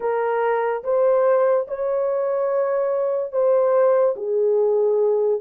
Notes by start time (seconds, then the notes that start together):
0.00 A#4
0.83 C5
1.67 C#5
3.31 C5
4.16 G#4